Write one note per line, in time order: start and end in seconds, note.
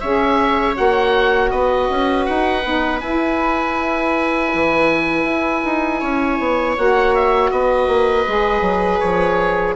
0.00 0.78 C#4
0.00 0.73 G#4
0.00 1.51 C#5
0.00 0.75 E5
0.73 1.51 A#3
0.73 2.61 F#4
0.73 1.50 F#5
1.50 1.88 B3
1.50 6.00 B4
1.50 2.25 D#5
1.90 2.27 C#4
2.25 2.64 D#4
2.25 3.00 F#5
2.64 3.02 B3
2.64 3.02 D#4
3.00 4.52 E4
3.00 6.77 E4
3.00 6.75 G#5
4.54 5.24 E3
5.24 5.61 E4
5.65 6.02 D#4
6.00 6.39 C#4
6.00 7.50 C#5
6.39 6.76 B3
6.77 7.51 A#3
6.77 8.27 F#4
6.77 7.15 F#5
7.15 7.50 E5
7.50 7.87 B3
7.50 9.75 B4
7.50 8.99 D#5
7.87 8.25 A#3
8.27 8.61 G#3
8.27 9.75 G#4
8.61 8.99 F#3
8.99 9.75 F3
8.99 9.74 C#5